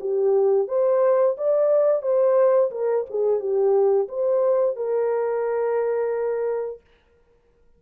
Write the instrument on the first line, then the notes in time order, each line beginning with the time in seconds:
horn
0.00 G4
0.68 C5
1.37 D5
2.02 C5
2.71 A#4
3.09 G#4
3.39 G4
4.08 C5
4.76 A#4